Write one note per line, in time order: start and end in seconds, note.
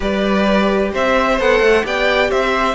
0.00 0.93 G3
0.00 1.37 G4
0.00 0.91 B4
0.00 0.94 D5
0.92 1.39 C4
0.92 1.85 C5
0.92 1.39 E5
1.39 1.59 B3
1.39 1.84 A4
1.39 1.86 F#5
1.59 1.82 A3
1.84 2.30 B3
1.84 2.74 G4
1.84 2.30 D5
1.84 2.31 G5
2.30 2.74 C4
2.30 2.74 C5
2.30 2.74 E5